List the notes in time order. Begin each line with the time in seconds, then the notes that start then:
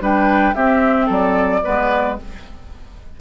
0.00 G3 D4 B4 G5
0.54 C4 G4 E5
1.06 F#3 A4 D5
1.63 G#3 B3 B4